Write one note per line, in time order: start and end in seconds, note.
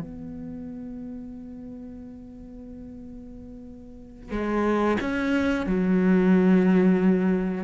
0.00 4.31 B3
4.31 4.97 G#3
5.00 5.66 C#4
5.66 7.64 F#3